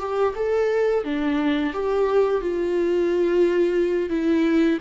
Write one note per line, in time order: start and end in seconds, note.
0.00 0.34 G4
0.35 1.04 A4
1.04 1.73 D4
1.74 2.42 G4
2.42 4.10 F4
4.10 4.79 E4